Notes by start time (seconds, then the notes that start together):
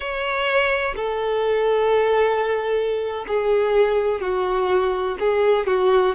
0.00 C#5
0.95 A4
3.27 G#4
4.21 F#4
5.19 G#4
5.67 F#4